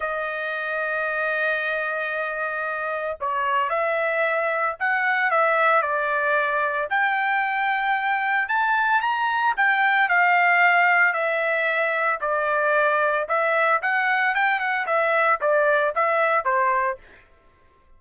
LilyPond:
\new Staff \with { instrumentName = "trumpet" } { \time 4/4 \tempo 4 = 113 dis''1~ | dis''2 cis''4 e''4~ | e''4 fis''4 e''4 d''4~ | d''4 g''2. |
a''4 ais''4 g''4 f''4~ | f''4 e''2 d''4~ | d''4 e''4 fis''4 g''8 fis''8 | e''4 d''4 e''4 c''4 | }